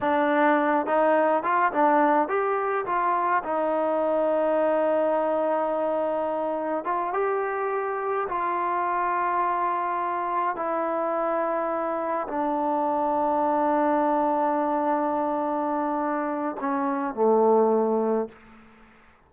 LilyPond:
\new Staff \with { instrumentName = "trombone" } { \time 4/4 \tempo 4 = 105 d'4. dis'4 f'8 d'4 | g'4 f'4 dis'2~ | dis'1 | f'8 g'2 f'4.~ |
f'2~ f'8 e'4.~ | e'4. d'2~ d'8~ | d'1~ | d'4 cis'4 a2 | }